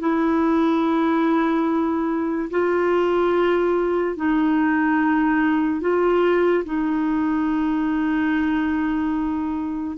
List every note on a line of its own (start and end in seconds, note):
0.00 2.50 E4
2.50 4.17 F4
4.17 5.81 D#4
5.81 6.64 F4
6.65 9.98 D#4